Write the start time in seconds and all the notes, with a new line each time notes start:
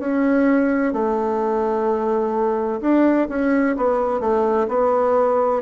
0.00 C#4
0.93 A3
2.81 D4
3.29 C#4
3.77 B3
4.21 A3
4.69 B3